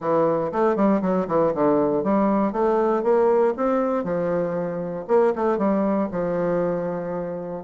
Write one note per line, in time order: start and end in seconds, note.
0.00 0.51 E3
0.52 0.75 A3
0.75 1.01 G3
1.01 1.26 F#3
1.27 1.53 E3
1.54 2.03 D3
2.03 2.52 G3
2.52 3.03 A3
3.03 3.54 A#3
3.56 4.04 C4
4.04 5.05 F3
5.07 5.33 A#3
5.35 5.58 A3
5.58 6.09 G3
6.11 7.64 F3